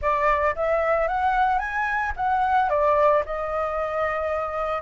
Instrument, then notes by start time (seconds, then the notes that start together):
flute
0.01 D5
0.55 E5
1.07 F#5
1.59 G#5
2.16 F#5
2.69 D5
3.25 D#5